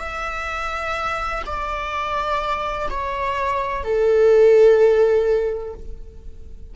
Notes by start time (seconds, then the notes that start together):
0.00 E5
1.46 D5
2.90 C#5
3.84 A4